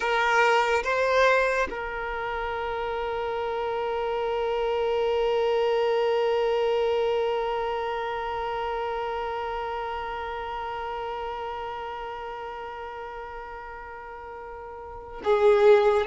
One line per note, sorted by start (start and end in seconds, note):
0.00 0.83 A#4
0.83 1.68 C5
1.69 15.22 A#4
15.24 16.06 G#4